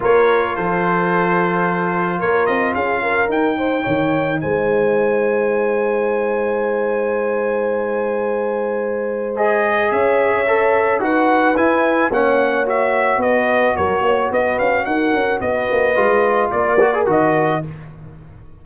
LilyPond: <<
  \new Staff \with { instrumentName = "trumpet" } { \time 4/4 \tempo 4 = 109 cis''4 c''2. | cis''8 dis''8 f''4 g''2 | gis''1~ | gis''1~ |
gis''4 dis''4 e''2 | fis''4 gis''4 fis''4 e''4 | dis''4 cis''4 dis''8 f''8 fis''4 | dis''2 d''4 dis''4 | }
  \new Staff \with { instrumentName = "horn" } { \time 4/4 ais'4 a'2. | ais'4 gis'8 ais'4 c''8 cis''4 | c''1~ | c''1~ |
c''2 cis''2 | b'2 cis''2 | b'4 ais'8 cis''8 b'4 ais'4 | b'2 ais'2 | }
  \new Staff \with { instrumentName = "trombone" } { \time 4/4 f'1~ | f'2 dis'2~ | dis'1~ | dis'1~ |
dis'4 gis'2 a'4 | fis'4 e'4 cis'4 fis'4~ | fis'1~ | fis'4 f'4. fis'16 gis'16 fis'4 | }
  \new Staff \with { instrumentName = "tuba" } { \time 4/4 ais4 f2. | ais8 c'8 cis'4 dis'4 dis4 | gis1~ | gis1~ |
gis2 cis'2 | dis'4 e'4 ais2 | b4 fis8 ais8 b8 cis'8 dis'8 cis'8 | b8 ais8 gis4 ais4 dis4 | }
>>